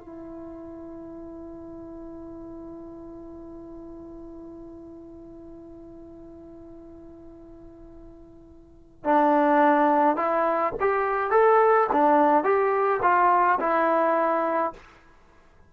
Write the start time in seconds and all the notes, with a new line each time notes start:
0.00 E4
9.04 D4
10.16 E4
10.81 G4
11.31 A4
11.93 D4
12.44 G4
13.02 F4
13.60 E4